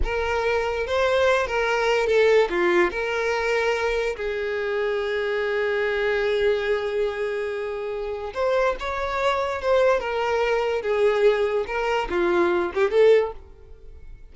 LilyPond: \new Staff \with { instrumentName = "violin" } { \time 4/4 \tempo 4 = 144 ais'2 c''4. ais'8~ | ais'4 a'4 f'4 ais'4~ | ais'2 gis'2~ | gis'1~ |
gis'1 | c''4 cis''2 c''4 | ais'2 gis'2 | ais'4 f'4. g'8 a'4 | }